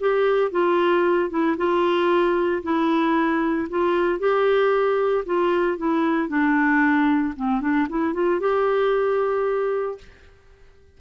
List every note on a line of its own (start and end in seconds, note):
0.00 0.51 G4
0.51 1.30 F4
1.30 1.57 E4
1.57 2.63 F4
2.63 3.68 E4
3.70 4.19 F4
4.19 5.25 G4
5.26 5.78 F4
5.78 6.29 E4
6.29 7.34 D4
7.36 7.61 C4
7.61 7.88 D4
7.89 8.14 E4
8.14 8.40 F4
8.40 9.98 G4